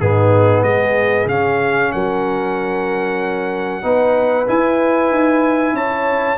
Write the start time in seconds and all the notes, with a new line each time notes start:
0.00 G#2 B3 D#4 G#4
0.62 G#3 G#4 D#5
1.25 C#3 C#4 F5
1.92 F#3 A#4 F#5
3.82 B3 D#4 B4
4.47 E4 G#5
5.10 D#4
5.73 C#4 C#5 A5